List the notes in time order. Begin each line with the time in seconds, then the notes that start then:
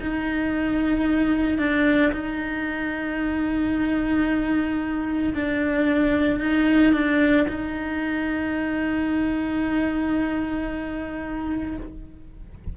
0.00 D#4
1.58 D4
2.12 D#4
5.34 D4
6.39 D#4
6.93 D4
7.48 D#4